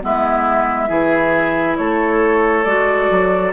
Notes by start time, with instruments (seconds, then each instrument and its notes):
0.00 bassoon G#3, clarinet B3, oboe E4, flute E5
0.87 bassoon E3, clarinet E4, oboe G#4
1.77 bassoon A3, oboe A4, flute C#5
2.63 bassoon G#3, clarinet F#4, flute D5
3.10 bassoon F#3